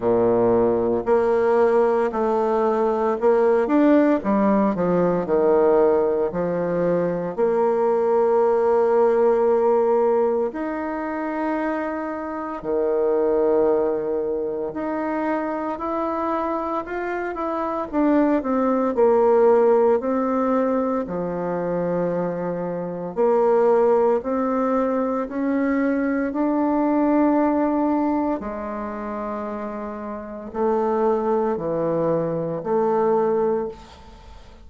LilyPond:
\new Staff \with { instrumentName = "bassoon" } { \time 4/4 \tempo 4 = 57 ais,4 ais4 a4 ais8 d'8 | g8 f8 dis4 f4 ais4~ | ais2 dis'2 | dis2 dis'4 e'4 |
f'8 e'8 d'8 c'8 ais4 c'4 | f2 ais4 c'4 | cis'4 d'2 gis4~ | gis4 a4 e4 a4 | }